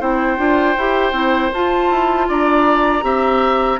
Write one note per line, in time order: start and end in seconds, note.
0.00 0.38 C4
0.00 0.37 E4
0.00 2.28 C5
0.00 1.53 G5
0.37 0.76 D4
0.37 0.75 F4
0.77 1.12 E4
0.77 1.13 G4
1.12 1.50 C4
1.12 1.51 E4
1.53 1.90 F4
1.53 3.02 F4
1.53 2.29 A5
1.90 2.28 E4
2.28 3.03 D4
2.28 3.04 D5
2.28 3.80 A#5
3.02 3.79 C4
3.02 3.78 G4
3.02 3.80 E5